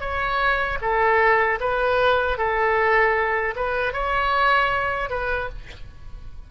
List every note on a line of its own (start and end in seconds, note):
0.00 0.78 C#5
0.81 1.59 A4
1.60 2.38 B4
2.38 3.55 A4
3.56 3.93 B4
3.93 5.10 C#5
5.10 5.49 B4